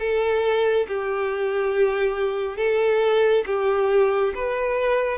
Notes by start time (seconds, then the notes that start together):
0.00 A4
0.88 G4
2.57 A4
3.47 G4
4.35 B4